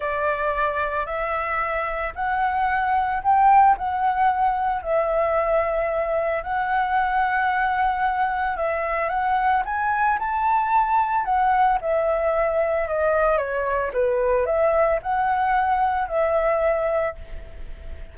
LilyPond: \new Staff \with { instrumentName = "flute" } { \time 4/4 \tempo 4 = 112 d''2 e''2 | fis''2 g''4 fis''4~ | fis''4 e''2. | fis''1 |
e''4 fis''4 gis''4 a''4~ | a''4 fis''4 e''2 | dis''4 cis''4 b'4 e''4 | fis''2 e''2 | }